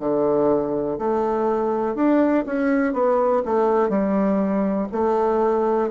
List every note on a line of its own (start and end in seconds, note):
0.00 0.98 D3
0.99 1.96 A3
1.96 2.45 D4
2.46 2.93 C#4
2.93 3.42 B3
3.46 3.90 A3
3.90 4.88 G3
4.92 5.91 A3